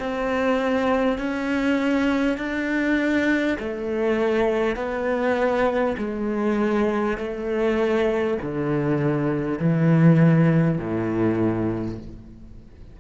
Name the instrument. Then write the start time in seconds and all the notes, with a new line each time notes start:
cello
0.00 C4
1.18 C#4
2.38 D4
3.59 A3
4.76 B3
5.98 G#3
7.18 A3
8.42 D3
9.59 E3
10.79 A2